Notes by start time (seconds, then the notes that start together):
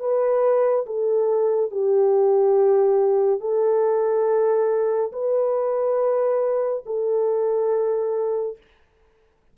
0.00 B4
0.86 A4
1.71 G4
3.41 A4
5.12 B4
6.86 A4